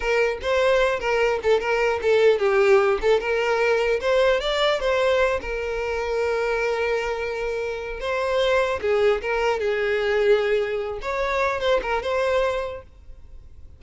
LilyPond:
\new Staff \with { instrumentName = "violin" } { \time 4/4 \tempo 4 = 150 ais'4 c''4. ais'4 a'8 | ais'4 a'4 g'4. a'8 | ais'2 c''4 d''4 | c''4. ais'2~ ais'8~ |
ais'1 | c''2 gis'4 ais'4 | gis'2.~ gis'8 cis''8~ | cis''4 c''8 ais'8 c''2 | }